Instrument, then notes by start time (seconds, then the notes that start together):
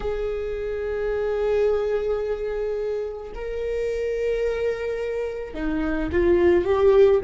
viola
0.00 G#4
3.34 A#4
5.54 D#4
6.12 F4
6.64 G4